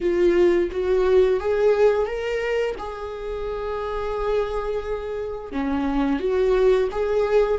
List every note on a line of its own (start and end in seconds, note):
0.01 0.70 F4
0.71 1.39 F#4
1.39 2.06 G#4
2.06 2.75 A#4
2.78 5.52 G#4
5.52 6.19 C#4
6.19 6.88 F#4
6.91 7.58 G#4